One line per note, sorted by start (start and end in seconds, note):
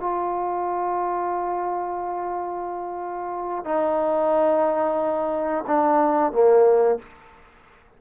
0.00 3.64 F4
3.64 5.64 D#4
5.67 6.32 D4
6.32 6.98 A#3